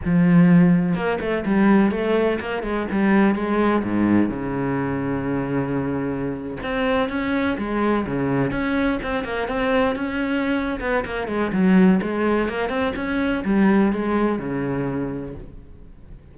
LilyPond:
\new Staff \with { instrumentName = "cello" } { \time 4/4 \tempo 4 = 125 f2 ais8 a8 g4 | a4 ais8 gis8 g4 gis4 | gis,4 cis2.~ | cis4.~ cis16 c'4 cis'4 gis16~ |
gis8. cis4 cis'4 c'8 ais8 c'16~ | c'8. cis'4.~ cis'16 b8 ais8 gis8 | fis4 gis4 ais8 c'8 cis'4 | g4 gis4 cis2 | }